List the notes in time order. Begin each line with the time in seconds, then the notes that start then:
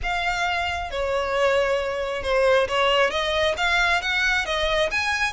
0.03 F5
0.90 C#5
2.23 C5
2.67 C#5
3.10 D#5
3.57 F5
4.01 F#5
4.45 D#5
4.91 G#5